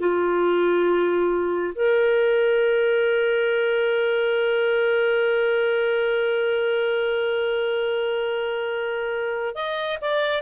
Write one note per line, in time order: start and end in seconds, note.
0.00 1.74 F4
1.75 9.55 A#4
9.55 9.98 D#5
10.02 10.43 D5